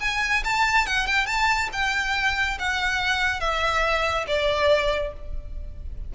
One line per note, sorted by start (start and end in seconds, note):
0.00 0.43 G#5
0.44 0.86 A5
0.86 1.06 F#5
1.06 1.26 G5
1.26 1.69 A5
1.72 2.58 G5
2.59 3.40 F#5
3.40 4.26 E5
4.27 5.13 D5